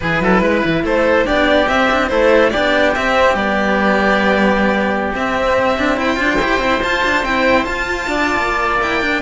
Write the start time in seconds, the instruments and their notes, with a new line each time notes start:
0.00 cello E3 E4, oboe G#4, violin B4
0.20 cello F#3, oboe A4
0.41 cello G#3, oboe B4
0.65 cello E3
0.82 cello A3, oboe A4, violin C5
1.24 cello B3 D4, oboe G4, violin D5
1.68 cello C4, violin E5
1.90 cello D4
2.08 cello A3 E4, oboe A4, violin C5
2.49 cello D4, oboe G4, violin D5
2.56 cello B3
2.94 cello C4, violin E5
3.34 cello G3 B3, violin D5
5.14 cello C4, violin E5
5.78 cello D4
5.96 cello E4, oboe C5, violin G5
6.15 cello D4 F4
6.38 cello E4 G4
6.58 cello C4 E4
6.82 cello F4, violin A5
7.04 cello D4
7.23 cello C4 E4, violin G5
7.64 cello F4, violin A5
8.07 cello D4, oboe D5
8.36 cello A#3
8.81 cello E4, violin G5
9.01 cello D4